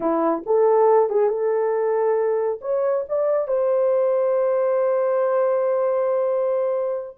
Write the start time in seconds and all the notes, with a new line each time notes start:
0.00 E4
0.46 A4
1.09 G#4
1.29 A4
2.61 C#5
3.08 D5
3.47 C5